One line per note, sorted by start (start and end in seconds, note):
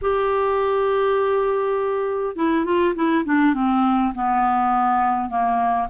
0.01 2.35 G4
2.35 2.65 E4
2.65 2.94 F4
2.95 3.24 E4
3.24 3.54 D4
3.54 4.13 C4
4.14 5.29 B3
5.29 5.88 A#3